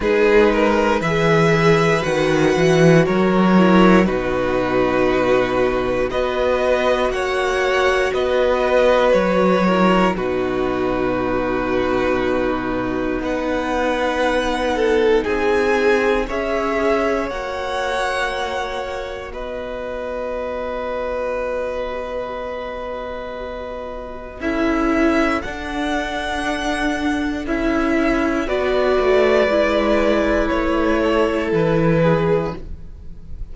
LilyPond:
<<
  \new Staff \with { instrumentName = "violin" } { \time 4/4 \tempo 4 = 59 b'4 e''4 fis''4 cis''4 | b'2 dis''4 fis''4 | dis''4 cis''4 b'2~ | b'4 fis''2 gis''4 |
e''4 fis''2 dis''4~ | dis''1 | e''4 fis''2 e''4 | d''2 cis''4 b'4 | }
  \new Staff \with { instrumentName = "violin" } { \time 4/4 gis'8 ais'8 b'2 ais'4 | fis'2 b'4 cis''4 | b'4. ais'8 fis'2~ | fis'4 b'4. a'8 gis'4 |
cis''2. b'4~ | b'1 | a'1 | b'2~ b'8 a'4 gis'8 | }
  \new Staff \with { instrumentName = "viola" } { \time 4/4 dis'4 gis'4 fis'4. e'8 | dis'2 fis'2~ | fis'4. e'8 dis'2~ | dis'1 |
gis'4 fis'2.~ | fis'1 | e'4 d'2 e'4 | fis'4 e'2. | }
  \new Staff \with { instrumentName = "cello" } { \time 4/4 gis4 e4 dis8 e8 fis4 | b,2 b4 ais4 | b4 fis4 b,2~ | b,4 b2 c'4 |
cis'4 ais2 b4~ | b1 | cis'4 d'2 cis'4 | b8 a8 gis4 a4 e4 | }
>>